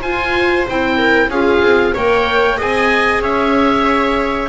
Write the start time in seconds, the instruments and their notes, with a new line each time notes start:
0.00 clarinet F4, double bass F4, viola C5, oboe G#5
0.68 double bass C4, clarinet E4, oboe G5
0.97 viola A#4
1.28 double bass C#4, clarinet F4, viola G#4, oboe F5
1.62 double bass C4
1.94 double bass A#3, clarinet A#4, viola C#5, oboe G5
2.57 double bass C4, clarinet G#4, viola D#5, oboe G#5
3.20 double bass C#4, viola C#5, oboe E5